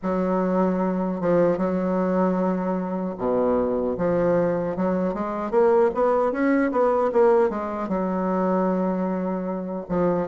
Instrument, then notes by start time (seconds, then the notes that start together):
bassoon
0.02 F#3
1.21 F3
1.57 F#3
3.18 B2
3.97 F3
4.76 F#3
5.14 G#3
5.50 A#3
5.94 B3
6.32 C#4
6.71 B3
7.12 A#3
7.49 G#3
7.88 F#3
9.89 F3